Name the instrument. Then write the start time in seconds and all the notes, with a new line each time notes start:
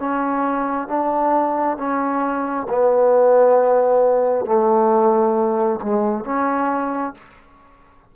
trombone
0.00 C#4
0.88 D4
1.78 C#4
2.70 B3
4.46 A3
5.82 G#3
6.25 C#4